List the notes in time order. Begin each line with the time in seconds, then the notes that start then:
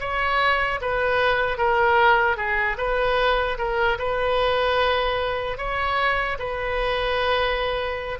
0.00 C#5
0.81 B4
1.57 A#4
2.37 G#4
2.78 B4
3.58 A#4
3.99 B4
5.58 C#5
6.39 B4